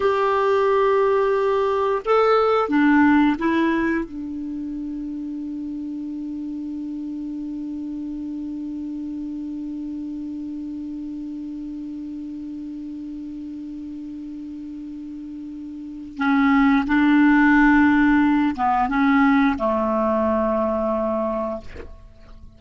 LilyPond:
\new Staff \with { instrumentName = "clarinet" } { \time 4/4 \tempo 4 = 89 g'2. a'4 | d'4 e'4 d'2~ | d'1~ | d'1~ |
d'1~ | d'1 | cis'4 d'2~ d'8 b8 | cis'4 a2. | }